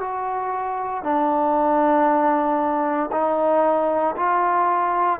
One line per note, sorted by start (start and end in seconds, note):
0.00 1.03 F#4
1.03 3.10 D4
3.12 4.16 D#4
4.17 5.20 F4